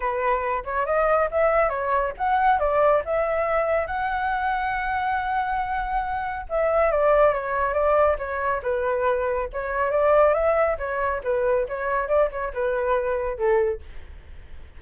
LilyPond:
\new Staff \with { instrumentName = "flute" } { \time 4/4 \tempo 4 = 139 b'4. cis''8 dis''4 e''4 | cis''4 fis''4 d''4 e''4~ | e''4 fis''2.~ | fis''2. e''4 |
d''4 cis''4 d''4 cis''4 | b'2 cis''4 d''4 | e''4 cis''4 b'4 cis''4 | d''8 cis''8 b'2 a'4 | }